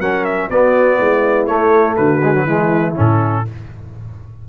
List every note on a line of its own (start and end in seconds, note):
0.00 0.49 F#3
0.00 0.51 C#4
0.00 0.49 A#4
0.00 0.25 F#5
0.25 0.49 E5
0.49 0.99 B3
0.49 1.48 B3
0.49 0.98 F#4
0.49 1.47 D5
0.98 1.47 G#3
0.98 1.97 E4
1.47 1.96 A3
1.47 2.22 A3
1.47 1.96 C#5
1.97 2.45 D3
1.97 2.46 F#4
1.97 2.95 B4
2.23 2.34 G#3
2.34 2.47 F#3
2.45 2.94 E3
2.45 2.96 G#3
2.45 3.44 E4
2.96 3.48 A2
2.96 3.45 C#4
2.96 3.49 A4